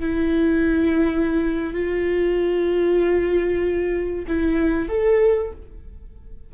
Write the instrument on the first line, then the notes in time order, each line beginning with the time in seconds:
viola
0.00 E4
1.73 F4
4.28 E4
4.89 A4